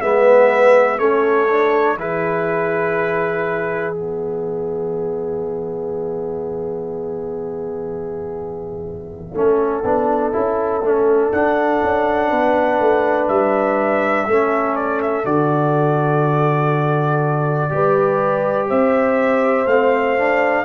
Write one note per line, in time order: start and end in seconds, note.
0.00 0.98 G#3
0.00 0.99 B3
0.00 0.99 B4
0.00 0.98 E5
0.98 1.95 A3
0.98 1.48 C#4
0.98 1.97 A4
0.98 1.97 C#5
1.49 1.98 D4
1.95 9.33 E3
1.95 3.94 E4
1.95 9.36 G#4
1.95 3.93 B4
3.93 9.34 B3
3.93 11.31 E5
9.34 9.84 A3
9.34 9.84 C#4
9.34 12.30 A4
9.84 10.33 B3
9.84 10.32 D4
10.32 10.82 C#4
10.32 10.81 E4
10.82 11.31 A3
10.82 11.33 C#4
11.32 11.81 D4
11.32 14.28 D4
11.32 13.28 F#5
11.82 12.31 C#4
12.30 12.80 B3
12.30 14.26 B4
12.80 13.29 A3
13.28 14.27 G3
13.28 14.75 E5
14.27 15.24 A3
14.27 15.24 C#4
14.27 17.71 A4
14.76 15.00 D5
15.02 15.25 E5
15.24 17.70 D3
15.24 17.69 F#4
15.24 18.69 D5
17.69 18.70 G3
17.69 19.66 G4
17.69 18.68 B4
18.68 19.66 C4
18.68 20.65 C5
18.68 19.67 E5
19.66 20.64 A3
19.66 20.18 C4
19.66 20.65 F5
20.18 20.65 D4